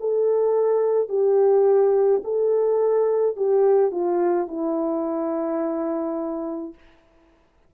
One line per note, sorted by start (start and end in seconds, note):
0.00 1.09 A4
1.09 2.22 G4
2.24 3.37 A4
3.37 3.91 G4
3.91 4.48 F4
4.48 6.74 E4